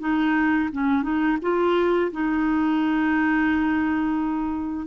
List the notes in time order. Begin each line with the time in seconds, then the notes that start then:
0.00 D#4
0.72 C#4
1.03 D#4
1.42 F4
2.12 D#4